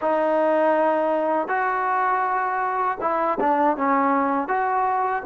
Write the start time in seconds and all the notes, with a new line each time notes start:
0.01 D#4
1.48 F#4
3.00 E4
3.40 D4
3.76 C#4
4.48 F#4